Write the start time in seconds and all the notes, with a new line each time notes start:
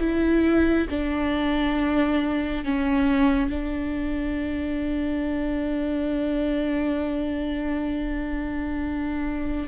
0.00 E4
0.90 D4
2.65 C#4
3.50 D4